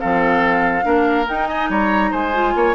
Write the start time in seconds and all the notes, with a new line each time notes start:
0.00 F3 C4 A4 F5
0.83 A#3 D4 A#4
1.28 D#4 G5
1.48 D#5 G#5
1.70 G3 C#5 A#5
2.11 G#3 C5 G#5
2.33 F4
2.55 A#3 C#5